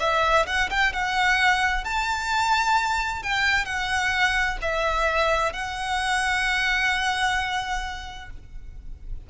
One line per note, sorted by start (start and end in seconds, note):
0.00 0.46 E5
0.47 0.70 F#5
0.70 0.93 G5
0.93 1.84 F#5
1.84 3.23 A5
3.23 3.65 G5
3.65 4.58 F#5
4.62 5.53 E5
5.53 8.30 F#5